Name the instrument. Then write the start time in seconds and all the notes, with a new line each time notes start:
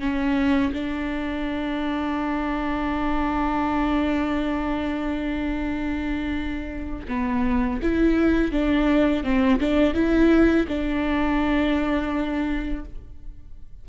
viola
0.00 C#4
0.73 D4
7.08 B3
7.82 E4
8.52 D4
9.23 C4
9.60 D4
9.94 E4
10.68 D4